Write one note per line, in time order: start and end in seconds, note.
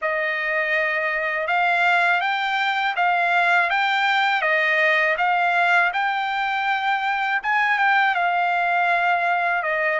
0.01 1.47 D#5
1.47 2.21 F5
2.21 2.95 G5
2.96 3.70 F5
3.70 4.41 G5
4.41 5.15 D#5
5.17 5.91 F5
5.93 7.41 G5
7.42 7.78 G#5
7.78 8.14 G5
8.14 9.63 F5
9.63 9.99 D#5